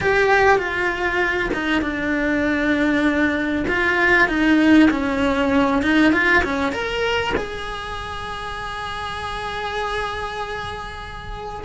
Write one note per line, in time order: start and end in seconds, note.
0.01 0.58 G4
0.58 1.49 F4
1.53 1.81 D#4
1.81 3.65 D4
3.67 4.28 F4
4.28 4.89 D#4
4.90 5.82 C#4
5.82 6.12 D#4
6.12 6.43 F4
6.43 6.72 C#4
6.72 7.33 A#4
7.36 11.64 G#4